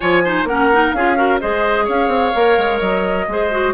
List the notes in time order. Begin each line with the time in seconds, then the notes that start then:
0.00 F3 F4 C#5 G#5
0.24 D#4 C5
0.44 A#3 C#4 A#4 F#5
0.72 D#4
0.92 C#4 F4 G#4 F5
1.16 F#4 A#4
1.40 G#3 G#4 C5 D#5
1.84 C#4 C#5 F5
2.07 C4
2.34 A#3 A#4
2.57 G#3
2.79 F#3 D#5
3.27 G#3 G#4 C5
3.51 F#4